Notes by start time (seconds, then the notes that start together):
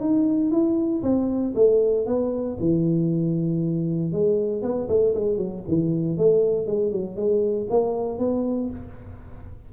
0.00 D#4
0.51 E4
1.02 C4
1.55 A3
2.06 B3
2.59 E3
4.12 G#3
4.62 B3
4.88 A3
5.14 G#3
5.37 F#3
5.67 E3
6.17 A3
6.66 G#3
6.92 F#3
7.16 G#3
7.69 A#3
8.18 B3